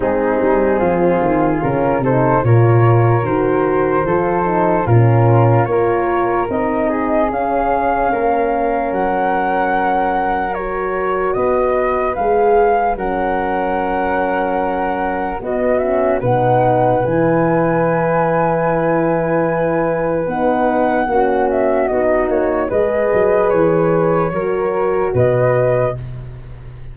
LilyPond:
<<
  \new Staff \with { instrumentName = "flute" } { \time 4/4 \tempo 4 = 74 gis'2 ais'8 c''8 cis''4 | c''2 ais'4 cis''4 | dis''4 f''2 fis''4~ | fis''4 cis''4 dis''4 f''4 |
fis''2. dis''8 e''8 | fis''4 gis''2.~ | gis''4 fis''4. e''8 dis''8 cis''8 | dis''4 cis''2 dis''4 | }
  \new Staff \with { instrumentName = "flute" } { \time 4/4 dis'4 f'4. a'8 ais'4~ | ais'4 a'4 f'4 ais'4~ | ais'8 gis'4. ais'2~ | ais'2 b'2 |
ais'2. fis'4 | b'1~ | b'2 fis'2 | b'2 ais'4 b'4 | }
  \new Staff \with { instrumentName = "horn" } { \time 4/4 c'2 cis'8 dis'8 f'4 | fis'4 f'8 dis'8 cis'4 f'4 | dis'4 cis'2.~ | cis'4 fis'2 gis'4 |
cis'2. b8 cis'8 | dis'4 e'2.~ | e'4 dis'4 cis'4 dis'4 | gis'2 fis'2 | }
  \new Staff \with { instrumentName = "tuba" } { \time 4/4 gis8 g8 f8 dis8 cis8 c8 ais,4 | dis4 f4 ais,4 ais4 | c'4 cis'4 ais4 fis4~ | fis2 b4 gis4 |
fis2. b4 | b,4 e2.~ | e4 b4 ais4 b8 ais8 | gis8 fis8 e4 fis4 b,4 | }
>>